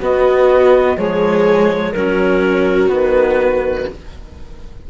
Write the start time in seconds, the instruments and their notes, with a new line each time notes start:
0.00 cello B3, bassoon B3, viola F#4, clarinet D#5
0.97 bassoon F3, cello G#3, viola G#4, clarinet C#5
1.92 bassoon F#3, cello C#4, viola F#4, clarinet A#4
2.88 bassoon D#3, cello B3, clarinet B4